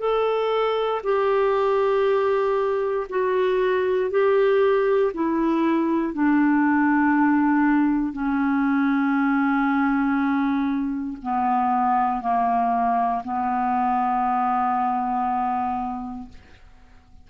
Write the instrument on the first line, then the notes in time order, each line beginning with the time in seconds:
clarinet
0.00 A4
1.04 G4
3.10 F#4
4.11 G4
5.14 E4
6.14 D4
8.13 C#4
11.22 B3
12.21 A#3
13.24 B3